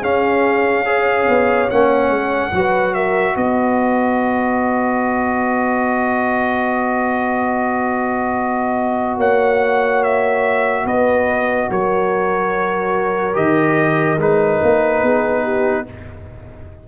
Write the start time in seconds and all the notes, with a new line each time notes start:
0.00 C#4 G#4 F5
0.85 G#4 C#5
1.28 B3
1.69 A#3 C#4 F#5
2.09 G#3
2.52 F#3 F#4 B4
2.94 A#4 E5
3.34 B3 B4 D#5
9.17 A#3 C#5 F#5
10.03 E5
10.85 B3 B4 D#5
11.70 F#3 A#4 C#5
13.33 D#3 G4 D#5
14.17 G#3 D#4 B4
14.63 A#3
15.02 B3 G#4
15.43 G4